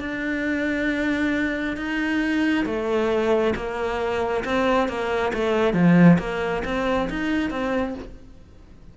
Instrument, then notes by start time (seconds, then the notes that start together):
cello
0.00 D4
1.77 D#4
2.66 A3
3.55 A#3
4.44 C4
4.88 A#3
5.33 A3
5.74 F3
6.19 A#3
6.65 C4
7.09 D#4
7.50 C4